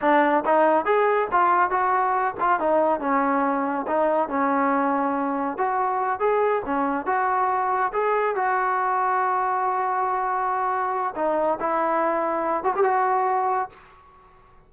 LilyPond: \new Staff \with { instrumentName = "trombone" } { \time 4/4 \tempo 4 = 140 d'4 dis'4 gis'4 f'4 | fis'4. f'8 dis'4 cis'4~ | cis'4 dis'4 cis'2~ | cis'4 fis'4. gis'4 cis'8~ |
cis'8 fis'2 gis'4 fis'8~ | fis'1~ | fis'2 dis'4 e'4~ | e'4. fis'16 g'16 fis'2 | }